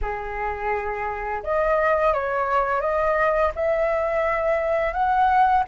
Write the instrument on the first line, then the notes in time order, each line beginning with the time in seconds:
flute
0.01 G#4
1.43 D#5
2.13 C#5
2.80 D#5
3.55 E5
4.93 F#5